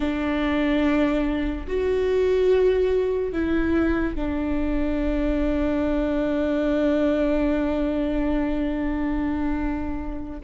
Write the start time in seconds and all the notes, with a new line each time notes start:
0.00 D4
1.67 F#4
3.32 E4
4.15 D4